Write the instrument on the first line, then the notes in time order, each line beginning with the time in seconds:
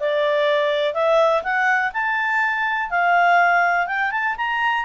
clarinet
0.00 D5
0.94 E5
1.43 F#5
1.93 A5
2.90 F5
3.87 G5
4.11 A5
4.37 A#5